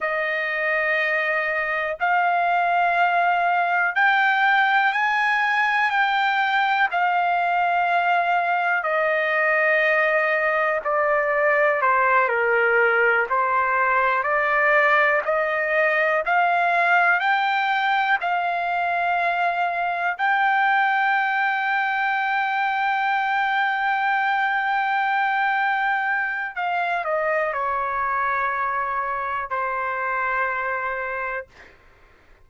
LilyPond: \new Staff \with { instrumentName = "trumpet" } { \time 4/4 \tempo 4 = 61 dis''2 f''2 | g''4 gis''4 g''4 f''4~ | f''4 dis''2 d''4 | c''8 ais'4 c''4 d''4 dis''8~ |
dis''8 f''4 g''4 f''4.~ | f''8 g''2.~ g''8~ | g''2. f''8 dis''8 | cis''2 c''2 | }